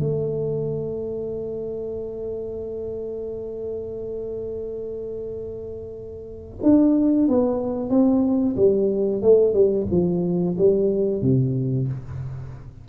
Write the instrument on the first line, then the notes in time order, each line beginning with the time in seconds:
tuba
0.00 A3
6.63 D4
7.29 B3
7.90 C4
8.57 G3
9.22 A3
9.54 G3
9.91 F3
10.58 G3
11.22 C3